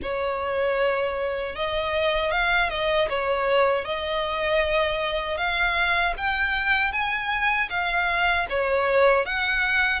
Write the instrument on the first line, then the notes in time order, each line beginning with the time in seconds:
violin
0.02 C#5
1.55 D#5
2.31 F5
2.69 D#5
3.09 C#5
3.85 D#5
5.37 F5
6.17 G5
6.92 G#5
7.69 F5
8.49 C#5
9.25 F#5